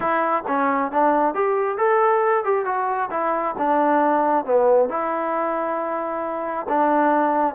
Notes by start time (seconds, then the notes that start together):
0.00 E4
0.47 C#4
0.91 D4
1.34 G4
1.77 A4
2.44 G4
2.65 F#4
3.11 E4
3.58 D4
4.45 B3
4.89 E4
6.68 D4